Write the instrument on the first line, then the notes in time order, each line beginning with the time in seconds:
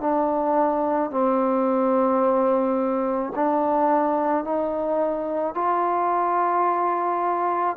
trombone
0.00 D4
1.11 C4
3.35 D4
4.44 D#4
5.55 F4